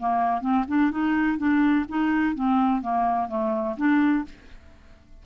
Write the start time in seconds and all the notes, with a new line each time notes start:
0.00 A#3
0.42 C4
0.68 D4
0.92 D#4
1.38 D4
1.89 D#4
2.36 C4
2.82 A#3
3.29 A3
3.77 D4